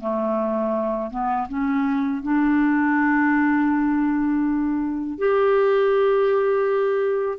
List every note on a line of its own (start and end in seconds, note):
0.00 1.11 A3
1.11 1.48 B3
1.48 2.23 C#4
2.23 5.18 D4
5.18 7.38 G4